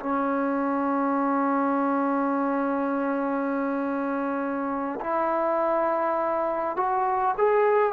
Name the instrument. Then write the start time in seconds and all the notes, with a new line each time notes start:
trombone
0.00 C#4
5.01 E4
6.76 F#4
7.37 G#4